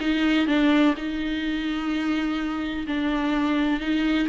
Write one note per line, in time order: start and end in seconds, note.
0.00 0.47 D#4
0.47 0.94 D4
0.97 2.86 D#4
2.87 3.80 D4
3.80 4.27 D#4